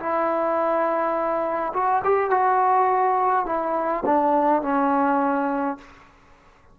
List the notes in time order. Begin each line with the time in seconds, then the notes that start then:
0.00 E4
1.74 F#4
2.05 G4
2.31 F#4
3.46 E4
4.05 D4
4.63 C#4